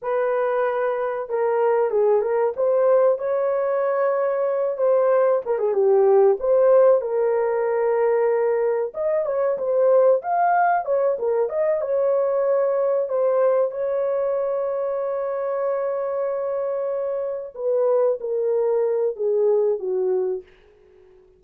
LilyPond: \new Staff \with { instrumentName = "horn" } { \time 4/4 \tempo 4 = 94 b'2 ais'4 gis'8 ais'8 | c''4 cis''2~ cis''8 c''8~ | c''8 ais'16 gis'16 g'4 c''4 ais'4~ | ais'2 dis''8 cis''8 c''4 |
f''4 cis''8 ais'8 dis''8 cis''4.~ | cis''8 c''4 cis''2~ cis''8~ | cis''2.~ cis''8 b'8~ | b'8 ais'4. gis'4 fis'4 | }